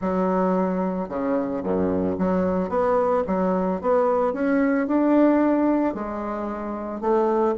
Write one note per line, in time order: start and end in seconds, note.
0.01 1.08 F#3
1.08 1.62 C#3
1.63 2.17 F#2
2.18 2.69 F#3
2.69 3.23 B3
3.27 3.81 F#3
3.81 4.33 B3
4.33 4.87 C#4
4.87 5.94 D4
5.94 7.00 G#3
7.00 7.54 A3